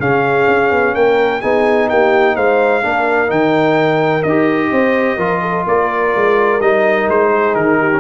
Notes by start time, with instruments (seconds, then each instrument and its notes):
0.00 tuba C#3, trombone C#4, horn G#4, trumpet F5
0.48 tuba C#4
0.71 tuba B3
0.94 tuba A#3, horn A#4, trumpet G5
1.42 tuba B3, trombone D#4, horn G#4, trumpet G#5
1.89 tuba A#3, horn G4, trumpet G5
2.36 tuba G#3, horn C5, trumpet F5
2.83 tuba A#3, trombone D4, horn A#4
3.27 tuba D#3, trombone D#4, trumpet G5
4.23 tuba D#4, trombone G4, trumpet D#5
4.71 tuba C4, horn C5
5.17 tuba F3, trombone F4, horn A#4
5.42 horn A4
5.67 tuba A#3, horn A#4, trumpet D5
6.16 tuba G#3
6.61 tuba G3, trombone D#4, trumpet D#5
7.09 tuba G#3, trumpet C5
7.32 horn G#4
7.55 tuba D#3, trumpet A#4
7.79 horn G4
7.92 trombone C#4